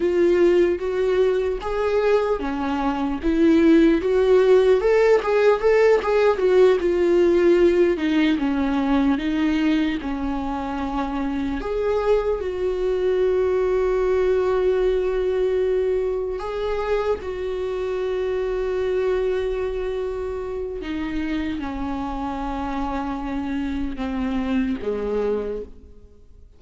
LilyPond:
\new Staff \with { instrumentName = "viola" } { \time 4/4 \tempo 4 = 75 f'4 fis'4 gis'4 cis'4 | e'4 fis'4 a'8 gis'8 a'8 gis'8 | fis'8 f'4. dis'8 cis'4 dis'8~ | dis'8 cis'2 gis'4 fis'8~ |
fis'1~ | fis'8 gis'4 fis'2~ fis'8~ | fis'2 dis'4 cis'4~ | cis'2 c'4 gis4 | }